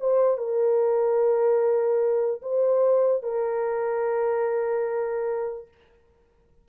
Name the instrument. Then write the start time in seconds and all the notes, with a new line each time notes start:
horn
0.00 C5
0.37 A#4
2.42 C5
3.23 A#4